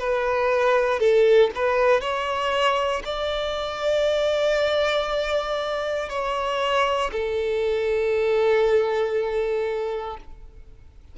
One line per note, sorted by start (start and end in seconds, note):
0.00 1.00 B4
1.00 1.51 A4
1.55 2.01 B4
2.01 3.03 C#5
3.05 6.10 D5
6.10 7.11 C#5
7.12 10.17 A4